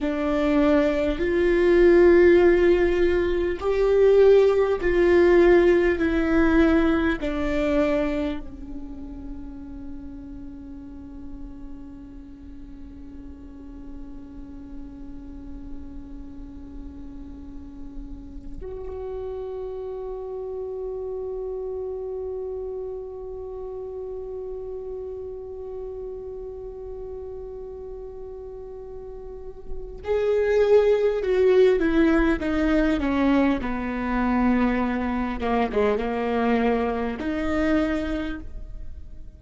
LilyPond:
\new Staff \with { instrumentName = "viola" } { \time 4/4 \tempo 4 = 50 d'4 f'2 g'4 | f'4 e'4 d'4 cis'4~ | cis'1~ | cis'2.~ cis'8 fis'8~ |
fis'1~ | fis'1~ | fis'4 gis'4 fis'8 e'8 dis'8 cis'8 | b4. ais16 gis16 ais4 dis'4 | }